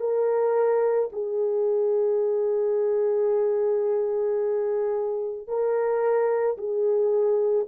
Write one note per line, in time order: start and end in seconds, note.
0.00 1.09 A#4
1.13 5.48 G#4
5.48 6.57 A#4
6.58 7.67 G#4